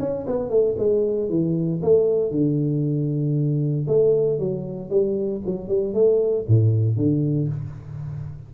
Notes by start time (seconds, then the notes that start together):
0.00 C#4
0.27 B3
0.50 A3
0.78 G#3
1.30 E3
1.82 A3
2.31 D3
3.87 A3
4.39 F#3
4.90 G3
5.46 F#3
5.68 G3
5.94 A3
6.48 A2
6.97 D3